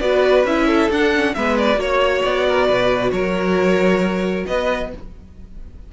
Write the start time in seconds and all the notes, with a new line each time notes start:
0.00 B3 F#4 B4 D5
0.45 C#4 E4 E5
0.67 A4
0.91 D4 F#5
1.16 C#4
1.35 G#3 B3 B4 E5
1.59 D5
1.75 A#3 F#4 C#5
2.23 B3 D5
2.48 A#4
2.67 B2 B4
3.12 F#3 A#4 C#5
4.47 B3 B4 D#5